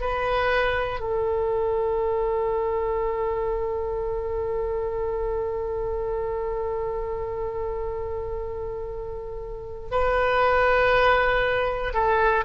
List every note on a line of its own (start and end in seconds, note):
0.00 1.00 B4
1.00 9.90 A4
9.91 11.94 B4
11.94 12.44 A4